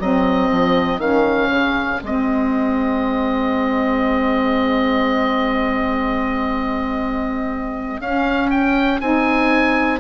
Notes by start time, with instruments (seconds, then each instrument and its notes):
0.00 bassoon F#3, saxophone C4, horn G#4, oboe D#5
0.51 bassoon F3
0.98 bassoon D#3, saxophone C#4, oboe F5
1.50 bassoon C#3
2.02 bassoon G#3, saxophone C4, oboe D#5
8.00 bassoon C#4, saxophone C#4, oboe F5
8.51 oboe G5
9.01 bassoon C4, saxophone D#4, oboe G#5